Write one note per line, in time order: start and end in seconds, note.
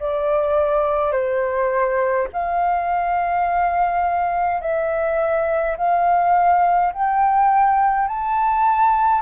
0.00 1.12 D5
1.12 2.28 C5
2.33 4.62 F5
4.62 5.77 E5
5.77 6.93 F5
6.93 8.08 G5
8.08 9.22 A5